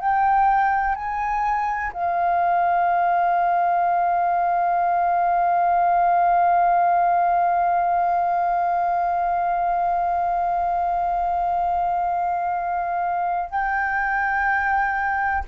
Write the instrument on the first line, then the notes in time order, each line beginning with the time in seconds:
flute
0.00 G5
0.95 G#5
1.93 F5
13.50 G5